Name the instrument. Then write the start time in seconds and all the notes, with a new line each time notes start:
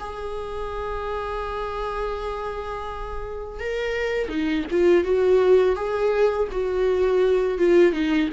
viola
0.00 G#4
3.60 A#4
4.29 D#4
4.71 F4
5.04 F#4
5.76 G#4
6.52 F#4
7.58 F4
7.93 D#4